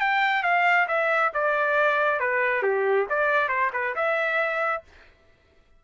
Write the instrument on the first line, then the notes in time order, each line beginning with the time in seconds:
trumpet
0.00 G5
0.43 F5
0.88 E5
1.34 D5
2.20 B4
2.63 G4
3.10 D5
3.49 C5
3.73 B4
3.95 E5